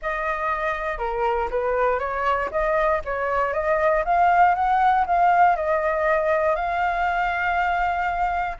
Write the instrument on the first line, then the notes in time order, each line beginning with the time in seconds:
flute
0.01 D#5
0.98 A#4
1.50 B4
1.99 C#5
2.51 D#5
3.04 C#5
3.53 D#5
4.04 F5
4.54 F#5
5.06 F5
5.56 D#5
6.55 F5